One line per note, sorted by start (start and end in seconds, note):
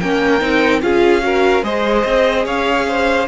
0.00 0.42 A#3
0.00 0.40 C#4
0.00 0.83 A#4
0.00 0.82 G5
0.40 0.82 C4
0.40 0.81 D#4
0.82 1.63 C#4
0.82 1.22 F4
0.82 1.25 G#4
0.82 1.64 F5
1.22 1.63 F#4
1.22 1.65 A#4
1.63 2.04 G#3
1.63 3.28 G#4
1.63 2.45 C5
1.63 2.46 D#5
2.05 2.46 C4
2.45 3.28 C#4
2.45 2.86 C#5
2.45 3.28 F5
2.88 3.28 C5